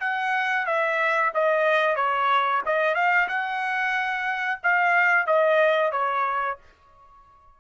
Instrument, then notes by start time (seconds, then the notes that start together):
trumpet
0.00 F#5
0.66 E5
1.34 D#5
1.96 C#5
2.66 D#5
2.95 F5
3.28 F#5
4.63 F5
5.27 D#5
5.92 C#5